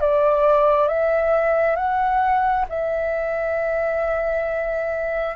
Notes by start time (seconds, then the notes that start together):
0.00 D5
0.88 E5
1.75 F#5
2.69 E5